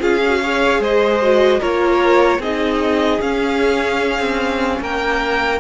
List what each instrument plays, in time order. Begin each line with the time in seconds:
0.00 cello C#4, viola F4, violin G#4 F5
0.25 viola F#4
0.43 viola G#4, violin C#5
0.80 cello G#3, violin C5 D#5
1.22 viola F#4
1.60 cello A#3, viola F4, violin A#4 C#5
2.39 cello C4, viola D#4, violin G#4 D#5
3.21 viola C#4, cello C#4, violin F5
4.20 cello C4
4.81 cello A#3, violin A#4 G5